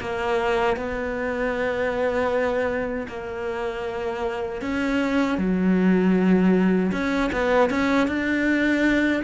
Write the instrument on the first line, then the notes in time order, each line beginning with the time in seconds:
cello
0.00 A#3
0.76 B3
3.08 A#3
4.62 C#4
5.38 F#3
6.92 C#4
7.33 B3
7.70 C#4
8.08 D4